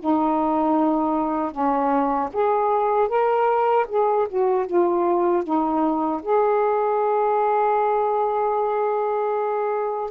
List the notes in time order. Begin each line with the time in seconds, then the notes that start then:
0.00 D#4
1.52 C#4
2.33 G#4
3.09 A#4
3.89 G#4
4.29 F#4
4.67 F4
5.44 D#4
6.23 G#4